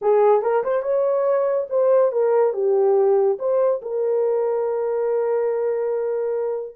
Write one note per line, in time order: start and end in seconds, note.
0.01 0.41 G#4
0.41 0.63 A#4
0.63 0.82 C5
0.82 1.67 C#5
1.69 2.12 C5
2.12 2.53 A#4
2.53 3.37 G4
3.38 3.80 C5
3.82 6.76 A#4